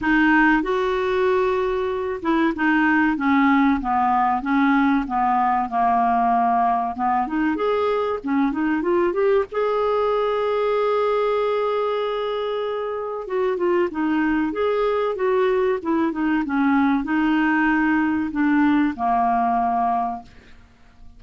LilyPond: \new Staff \with { instrumentName = "clarinet" } { \time 4/4 \tempo 4 = 95 dis'4 fis'2~ fis'8 e'8 | dis'4 cis'4 b4 cis'4 | b4 ais2 b8 dis'8 | gis'4 cis'8 dis'8 f'8 g'8 gis'4~ |
gis'1~ | gis'4 fis'8 f'8 dis'4 gis'4 | fis'4 e'8 dis'8 cis'4 dis'4~ | dis'4 d'4 ais2 | }